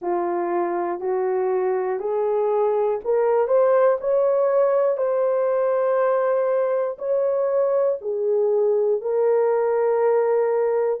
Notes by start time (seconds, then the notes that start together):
0.01 F4
1.00 F#4
2.00 G#4
3.04 A#4
3.47 C5
4.00 C#5
4.97 C5
6.98 C#5
8.00 G#4
9.00 A#4